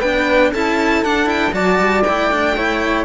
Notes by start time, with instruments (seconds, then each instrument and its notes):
0.00 cello B3 D4, flute B4, violin G5
0.52 cello C#4 E4, flute A4, violin A5
1.04 cello D4, violin F#5
1.26 cello E4, violin G5
1.53 cello F#3 F#4, flute D5, violin A5
1.79 cello G3
2.03 cello E4, violin G5
2.10 cello A3
2.31 cello D4
2.57 cello E4, flute C#5